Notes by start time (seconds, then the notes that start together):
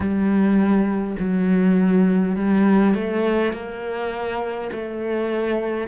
0.00 G3
1.19 F#3
2.35 G3
2.94 A3
3.52 A#3
4.72 A3